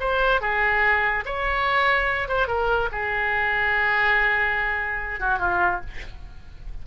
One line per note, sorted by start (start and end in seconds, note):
0.00 0.41 C5
0.41 1.24 G#4
1.26 2.28 C#5
2.28 2.48 C5
2.48 2.89 A#4
2.92 5.20 G#4
5.20 5.39 F#4
5.39 5.81 F4